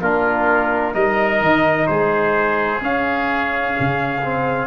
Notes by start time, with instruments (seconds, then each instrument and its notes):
0.00 tuba A#3, trombone D4, oboe F4, trumpet A#4
0.92 tuba G3, trombone D#4, oboe A#4, trumpet D#5
1.41 tuba D#3
1.87 tuba G#3, oboe G#4, trumpet C5
2.81 trombone C#4, tuba C#4, trumpet F5
3.79 tuba C#3
4.22 trombone C4